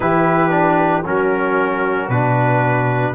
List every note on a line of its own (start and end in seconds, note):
0.00 1.05 E3
0.00 0.50 E4
0.00 1.04 G4
0.00 1.05 B4
0.50 1.02 D4
1.04 2.09 F#3
1.04 2.10 C#4
1.04 3.14 F#4
1.04 2.09 A#4
2.09 3.14 B2
2.09 3.15 D4
2.09 3.14 B4